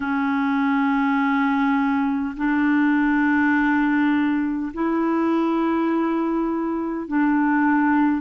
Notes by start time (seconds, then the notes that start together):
0.00 C#4
2.36 D4
4.73 E4
7.07 D4